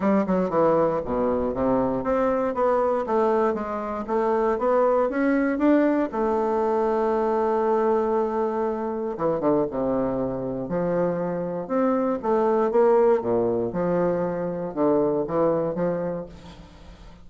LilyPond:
\new Staff \with { instrumentName = "bassoon" } { \time 4/4 \tempo 4 = 118 g8 fis8 e4 b,4 c4 | c'4 b4 a4 gis4 | a4 b4 cis'4 d'4 | a1~ |
a2 e8 d8 c4~ | c4 f2 c'4 | a4 ais4 ais,4 f4~ | f4 d4 e4 f4 | }